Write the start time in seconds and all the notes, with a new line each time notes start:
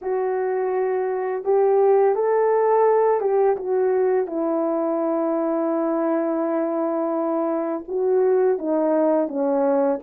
0.01 F#4
1.44 G4
2.15 A4
3.20 G4
3.56 F#4
4.26 E4
7.88 F#4
8.58 D#4
9.28 C#4